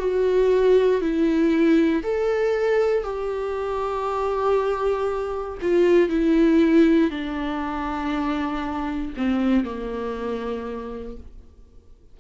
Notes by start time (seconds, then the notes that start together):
0.00 F#4
1.02 E4
2.04 A4
3.04 G4
5.62 F4
6.10 E4
7.11 D4
9.18 C4
9.65 A#3